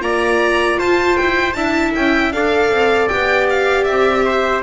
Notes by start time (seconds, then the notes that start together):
0.00 A#3 F4 D5 A#5
0.79 F4 C5 A5
1.17 E4 G5
1.53 D4 E4 E5 A5
1.95 C#4 G5
2.31 D4 A4 D5 F5
2.70 C4
3.08 B3 G4 G5
3.50 F5
3.84 C4 E5
4.25 C5